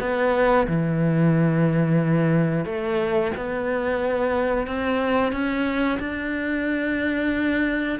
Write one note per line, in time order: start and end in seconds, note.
0.00 0.67 B3
0.67 2.65 E3
2.65 3.31 A3
3.36 4.67 B3
4.67 5.32 C4
5.32 5.98 C#4
5.99 7.99 D4